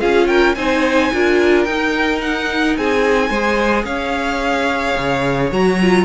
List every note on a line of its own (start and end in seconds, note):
0.00 0.56 C#4
0.00 0.55 F4
0.00 0.28 G#4
0.00 0.27 F5
0.27 0.55 A#4
0.27 0.55 G5
0.55 1.11 C4
0.55 1.12 D#4
0.55 1.13 C5
0.55 1.64 G#5
1.12 1.67 D4
1.12 1.67 F4
1.12 2.78 A#4
1.64 2.77 D#4
1.64 3.33 D#4
1.64 2.19 G5
2.22 2.77 F#5
2.77 3.30 C4
2.77 3.29 G#4
2.77 3.85 G#5
3.29 3.84 G#3
3.29 5.52 G#4
3.29 3.85 C5
3.84 4.94 C#4
3.84 6.05 C#5
3.84 5.50 F5
4.97 5.51 C#3
5.51 6.05 F#3
5.51 5.80 F#4
5.51 6.05 A#5
5.82 6.05 F4